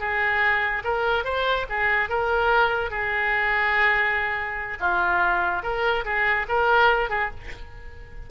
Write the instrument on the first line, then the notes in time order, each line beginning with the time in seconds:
oboe
0.00 G#4
0.84 A#4
1.25 C5
1.70 G#4
2.10 A#4
2.91 G#4
4.80 F4
5.63 A#4
6.05 G#4
6.49 A#4
7.10 G#4